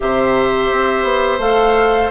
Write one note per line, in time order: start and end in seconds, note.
0.00 0.71 C3
0.00 1.40 G4
0.00 2.11 C5
0.00 1.39 E5
0.71 1.03 C4
1.03 1.38 B3
1.38 2.09 A3
1.38 2.11 A4
1.38 2.10 F5